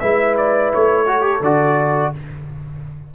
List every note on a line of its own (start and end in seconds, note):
0.00 0.72 G#3
0.00 1.06 E4
0.00 1.06 B4
0.00 0.35 E5
0.37 0.72 D5
0.74 1.41 A3
0.74 1.43 C#5
1.06 1.21 F#4
1.06 2.12 A4
1.21 1.39 G4
1.41 2.11 D3
1.41 2.15 F#4
1.41 2.14 D5